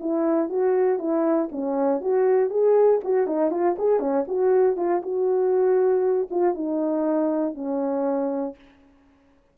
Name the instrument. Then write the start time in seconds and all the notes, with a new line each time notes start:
horn
0.00 E4
0.49 F#4
0.99 E4
1.51 C#4
2.01 F#4
2.50 G#4
3.04 F#4
3.27 D#4
3.51 F4
3.78 G#4
4.00 C#4
4.27 F#4
4.76 F4
5.02 F#4
6.30 F4
6.54 D#4
7.54 C#4